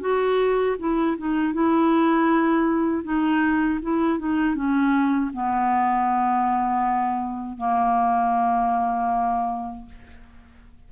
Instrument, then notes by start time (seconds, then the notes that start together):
clarinet
0.00 F#4
0.78 E4
1.17 D#4
1.53 E4
3.03 D#4
3.82 E4
4.19 D#4
4.55 C#4
5.33 B3
7.57 A#3